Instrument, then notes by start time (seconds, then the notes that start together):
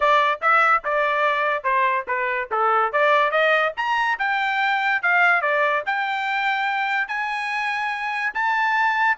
trumpet
0.00 D5
0.41 E5
0.84 D5
1.63 C5
2.07 B4
2.51 A4
2.92 D5
3.31 D#5
3.76 A#5
4.19 G5
5.02 F5
5.41 D5
5.86 G5
7.08 G#5
8.34 A5